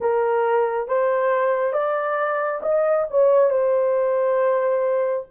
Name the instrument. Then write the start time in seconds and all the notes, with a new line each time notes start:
horn
0.00 A#4
0.88 C5
1.72 D5
2.62 D#5
3.10 C#5
3.49 C5